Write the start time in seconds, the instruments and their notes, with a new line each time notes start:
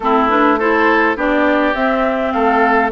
0.00 bassoon A3, clarinet C4, oboe E4, flute A4
0.29 clarinet D4, flute B4
0.59 clarinet E4, oboe A4, flute C5
1.16 bassoon B3, clarinet D4, oboe G4, flute D5
1.74 bassoon C4, clarinet C4, flute E5
2.32 bassoon A3, oboe A4, flute F5